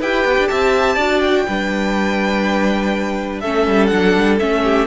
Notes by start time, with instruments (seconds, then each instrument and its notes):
0.00 cello E4, viola G4, violin B4 G5
0.24 cello B3
0.38 cello D4
0.48 cello C4, violin E5 A5
0.95 cello D4, viola F#4, violin D5
1.20 violin G5
1.47 cello G3, viola D4, violin B4
3.40 cello A3, viola C#4, violin A4 E5
3.67 cello G3
3.87 cello F#3, viola D4, violin F#5
4.16 cello G3
4.39 cello A3, viola C#4, violin E5
4.63 violin G4